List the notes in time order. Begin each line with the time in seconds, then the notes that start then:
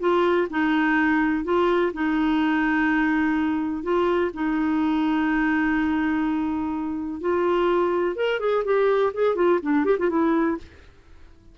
0.00 F4
0.50 D#4
1.44 F4
1.94 D#4
3.83 F4
4.34 D#4
7.21 F4
8.16 A#4
8.40 G#4
8.64 G4
9.14 G#4
9.35 F4
9.62 D4
9.85 G4
9.99 F4
10.10 E4